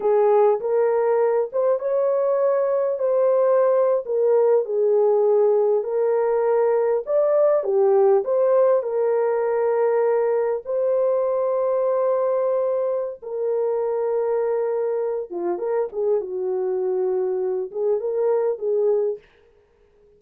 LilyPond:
\new Staff \with { instrumentName = "horn" } { \time 4/4 \tempo 4 = 100 gis'4 ais'4. c''8 cis''4~ | cis''4 c''4.~ c''16 ais'4 gis'16~ | gis'4.~ gis'16 ais'2 d''16~ | d''8. g'4 c''4 ais'4~ ais'16~ |
ais'4.~ ais'16 c''2~ c''16~ | c''2 ais'2~ | ais'4. f'8 ais'8 gis'8 fis'4~ | fis'4. gis'8 ais'4 gis'4 | }